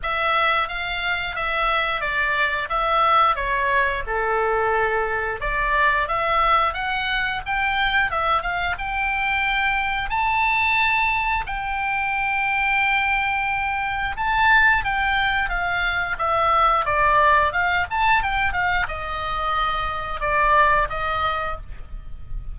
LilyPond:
\new Staff \with { instrumentName = "oboe" } { \time 4/4 \tempo 4 = 89 e''4 f''4 e''4 d''4 | e''4 cis''4 a'2 | d''4 e''4 fis''4 g''4 | e''8 f''8 g''2 a''4~ |
a''4 g''2.~ | g''4 a''4 g''4 f''4 | e''4 d''4 f''8 a''8 g''8 f''8 | dis''2 d''4 dis''4 | }